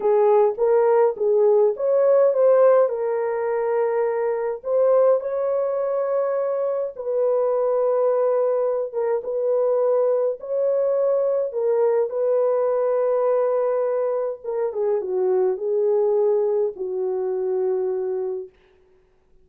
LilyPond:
\new Staff \with { instrumentName = "horn" } { \time 4/4 \tempo 4 = 104 gis'4 ais'4 gis'4 cis''4 | c''4 ais'2. | c''4 cis''2. | b'2.~ b'8 ais'8 |
b'2 cis''2 | ais'4 b'2.~ | b'4 ais'8 gis'8 fis'4 gis'4~ | gis'4 fis'2. | }